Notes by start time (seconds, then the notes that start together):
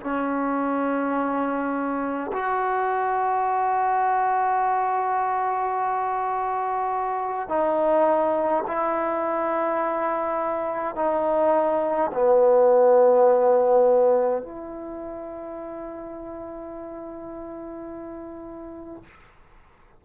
0.00 C#4
2.32 F#4
7.48 D#4
8.67 E4
10.95 D#4
12.13 B3
14.42 E4